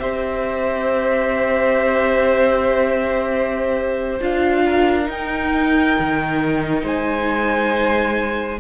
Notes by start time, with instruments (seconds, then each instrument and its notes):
0.00 cello C4, viola G4, violin C5 E5
4.21 cello D4, viola F4, violin F5
4.65 violin A#4
5.04 viola D#4, cello D#4
5.11 violin G5
5.99 cello D#3
6.83 cello G#3, violin C5 G#5